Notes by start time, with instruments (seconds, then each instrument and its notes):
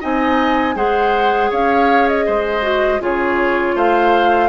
0.00 bassoon C4, clarinet D#4, oboe D#5, flute G#5
0.75 bassoon G#3, clarinet G#4, oboe C5, flute F#5
1.50 bassoon C#4, oboe C#5, flute F5
2.08 flute D#5
2.26 bassoon G#3, oboe C5
2.62 clarinet F#4
3.00 bassoon C#3, clarinet F4, oboe G#4, flute C#5
3.75 bassoon A3, oboe C5, flute F5